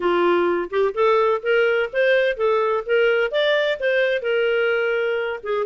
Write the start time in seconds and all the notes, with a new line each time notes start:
0.00 F4
0.70 G4
0.94 A4
1.42 A#4
1.92 C5
2.36 A4
2.86 A#4
3.31 D5
3.79 C5
4.22 A#4
5.43 G#4